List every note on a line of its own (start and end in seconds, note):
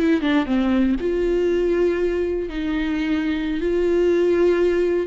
0.00 0.22 E4
0.22 0.46 D4
0.46 0.96 C4
1.01 2.50 F4
2.50 3.61 D#4
3.61 5.07 F4